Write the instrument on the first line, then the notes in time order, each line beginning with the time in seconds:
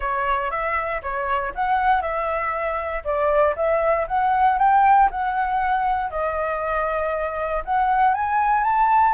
flute
0.00 C#5
0.50 E5
1.02 C#5
1.54 F#5
2.01 E5
3.04 D5
3.55 E5
4.07 F#5
4.58 G5
5.10 F#5
6.10 D#5
7.64 F#5
8.14 G#5
8.63 A5